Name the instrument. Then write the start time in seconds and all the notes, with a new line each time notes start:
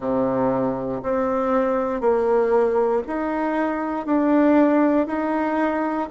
bassoon
0.00 C3
1.02 C4
2.00 A#3
3.07 D#4
4.06 D4
5.07 D#4